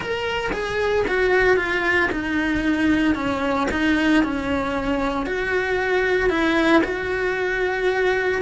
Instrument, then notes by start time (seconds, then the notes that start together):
cello
0.00 A#4
0.52 G#4
1.07 F#4
1.56 F4
2.11 D#4
3.15 C#4
3.71 D#4
4.23 C#4
5.26 F#4
6.29 E4
6.84 F#4